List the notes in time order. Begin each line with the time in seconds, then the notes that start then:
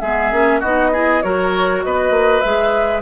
0.00 G#3 B3 G#4 E5
0.32 A#3 C#4
0.60 B3 D#4 F#4 D#5
0.93 E4 G#4
1.22 F#3 F#4 A#4 C#5
1.84 B3 B4 D#5
2.10 A#3
2.40 G#3 G#4 E5